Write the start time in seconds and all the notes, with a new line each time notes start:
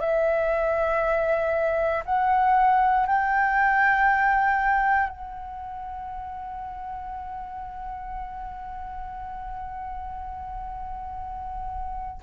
0.00 E5
2.05 F#5
3.06 G5
5.09 F#5